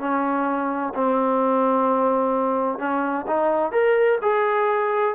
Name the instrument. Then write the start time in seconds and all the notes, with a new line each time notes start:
trombone
0.00 C#4
0.95 C4
2.79 C#4
3.28 D#4
3.72 A#4
4.23 G#4